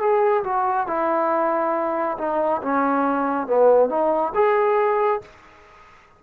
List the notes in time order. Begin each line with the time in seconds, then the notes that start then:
0.00 G#4
0.44 F#4
0.87 E4
2.18 D#4
2.62 C#4
3.47 B3
3.90 D#4
4.35 G#4